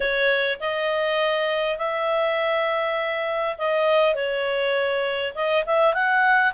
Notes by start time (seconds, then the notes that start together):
0.00 C#5
0.60 D#5
1.78 E5
3.58 D#5
4.14 C#5
5.34 D#5
5.66 E5
5.94 F#5